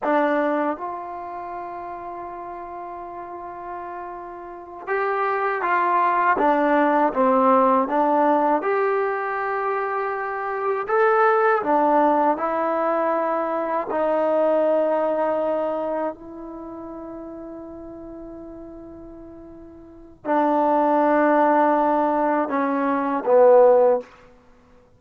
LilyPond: \new Staff \with { instrumentName = "trombone" } { \time 4/4 \tempo 4 = 80 d'4 f'2.~ | f'2~ f'8 g'4 f'8~ | f'8 d'4 c'4 d'4 g'8~ | g'2~ g'8 a'4 d'8~ |
d'8 e'2 dis'4.~ | dis'4. e'2~ e'8~ | e'2. d'4~ | d'2 cis'4 b4 | }